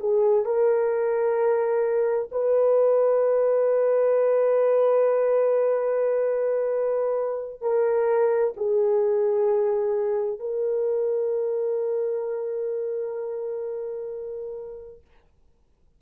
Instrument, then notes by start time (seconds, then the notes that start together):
horn
0.00 G#4
0.45 A#4
2.32 B4
7.62 A#4
8.57 G#4
10.40 A#4